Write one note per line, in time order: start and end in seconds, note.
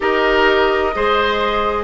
0.00 0.94 D#4
0.00 0.93 G4
0.00 0.95 A#4
0.00 1.84 D#5
0.94 1.84 G#3
0.94 1.84 G#4
0.94 1.84 C5